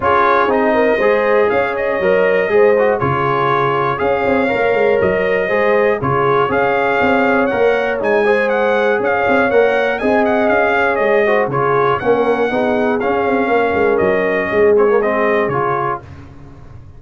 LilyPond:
<<
  \new Staff \with { instrumentName = "trumpet" } { \time 4/4 \tempo 4 = 120 cis''4 dis''2 f''8 dis''8~ | dis''2 cis''2 | f''2 dis''2 | cis''4 f''2 fis''4 |
gis''4 fis''4 f''4 fis''4 | gis''8 fis''8 f''4 dis''4 cis''4 | fis''2 f''2 | dis''4. cis''8 dis''4 cis''4 | }
  \new Staff \with { instrumentName = "horn" } { \time 4/4 gis'4. ais'8 c''4 cis''4~ | cis''4 c''4 gis'2 | cis''2. c''4 | gis'4 cis''2.~ |
cis''8 c''4. cis''2 | dis''4. cis''4 c''8 gis'4 | ais'4 gis'2 ais'4~ | ais'4 gis'2. | }
  \new Staff \with { instrumentName = "trombone" } { \time 4/4 f'4 dis'4 gis'2 | ais'4 gis'8 fis'8 f'2 | gis'4 ais'2 gis'4 | f'4 gis'2 ais'4 |
dis'8 gis'2~ gis'8 ais'4 | gis'2~ gis'8 fis'8 f'4 | cis'4 dis'4 cis'2~ | cis'4. c'16 ais16 c'4 f'4 | }
  \new Staff \with { instrumentName = "tuba" } { \time 4/4 cis'4 c'4 gis4 cis'4 | fis4 gis4 cis2 | cis'8 c'8 ais8 gis8 fis4 gis4 | cis4 cis'4 c'4 ais4 |
gis2 cis'8 c'8 ais4 | c'4 cis'4 gis4 cis4 | ais4 b4 cis'8 c'8 ais8 gis8 | fis4 gis2 cis4 | }
>>